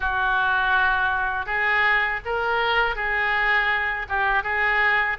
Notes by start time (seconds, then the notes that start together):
0.00 F#4
1.45 G#4
2.25 A#4
2.95 G#4
4.08 G4
4.43 G#4